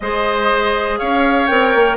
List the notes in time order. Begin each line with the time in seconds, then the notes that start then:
0.00 G#3 G#4 C5 D#5
0.97 C#4 C#5 F5
1.46 C4 A#4 G5
1.74 A#3